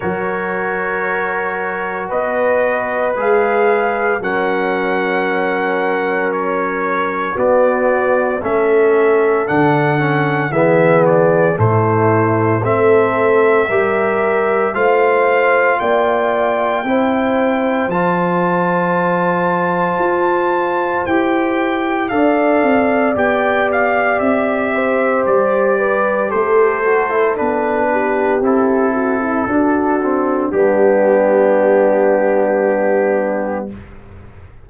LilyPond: <<
  \new Staff \with { instrumentName = "trumpet" } { \time 4/4 \tempo 4 = 57 cis''2 dis''4 f''4 | fis''2 cis''4 d''4 | e''4 fis''4 e''8 d''8 c''4 | e''2 f''4 g''4~ |
g''4 a''2. | g''4 f''4 g''8 f''8 e''4 | d''4 c''4 b'4 a'4~ | a'4 g'2. | }
  \new Staff \with { instrumentName = "horn" } { \time 4/4 ais'2 b'2 | ais'2. fis'4 | a'2 gis'4 e'4 | a'4 ais'4 c''4 d''4 |
c''1~ | c''4 d''2~ d''8 c''8~ | c''8 b'8 a'4. g'4 fis'16 e'16 | fis'4 d'2. | }
  \new Staff \with { instrumentName = "trombone" } { \time 4/4 fis'2. gis'4 | cis'2. b4 | cis'4 d'8 cis'8 b4 a4 | c'4 g'4 f'2 |
e'4 f'2. | g'4 a'4 g'2~ | g'4. fis'16 e'16 d'4 e'4 | d'8 c'8 b2. | }
  \new Staff \with { instrumentName = "tuba" } { \time 4/4 fis2 b4 gis4 | fis2. b4 | a4 d4 e4 a,4 | a4 g4 a4 ais4 |
c'4 f2 f'4 | e'4 d'8 c'8 b4 c'4 | g4 a4 b4 c'4 | d'4 g2. | }
>>